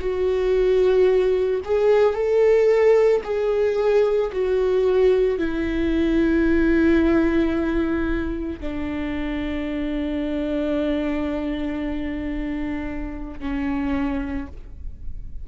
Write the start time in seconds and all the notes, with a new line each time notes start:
0.00 F#4
1.65 G#4
2.14 A4
3.24 G#4
4.32 F#4
5.38 E4
8.60 D4
13.40 C#4